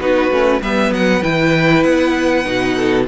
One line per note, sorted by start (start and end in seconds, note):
0.00 0.31 B3
0.00 0.32 D#4
0.00 0.62 F#4
0.00 0.63 B4
0.31 0.62 A3
0.31 0.63 C#4
0.62 0.91 G3
0.62 1.23 B3
0.62 2.76 B4
0.62 0.94 E5
0.91 1.21 F#3
0.91 1.24 F#5
1.23 1.85 E3
1.23 2.45 E4
1.23 1.84 G5
1.84 2.46 B3
1.84 3.06 F#5
2.45 3.08 B2
2.45 3.06 D#4
2.76 3.06 A4